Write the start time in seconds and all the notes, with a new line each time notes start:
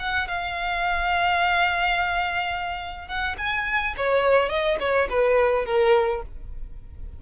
0.00 F#5
0.28 F5
3.08 F#5
3.38 G#5
3.98 C#5
4.49 D#5
4.80 C#5
5.10 B4
5.66 A#4